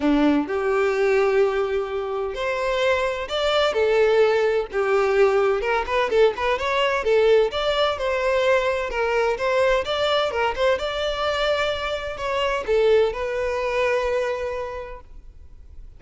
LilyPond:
\new Staff \with { instrumentName = "violin" } { \time 4/4 \tempo 4 = 128 d'4 g'2.~ | g'4 c''2 d''4 | a'2 g'2 | ais'8 b'8 a'8 b'8 cis''4 a'4 |
d''4 c''2 ais'4 | c''4 d''4 ais'8 c''8 d''4~ | d''2 cis''4 a'4 | b'1 | }